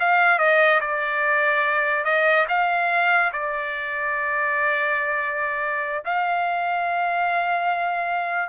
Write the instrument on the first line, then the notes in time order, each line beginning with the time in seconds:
trumpet
0.00 F5
0.39 D#5
0.81 D5
2.05 D#5
2.49 F5
3.33 D5
6.05 F5